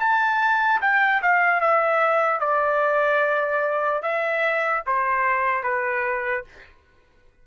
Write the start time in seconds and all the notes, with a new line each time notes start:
0.00 A5
0.81 G5
1.22 F5
1.61 E5
2.40 D5
4.02 E5
4.87 C5
5.64 B4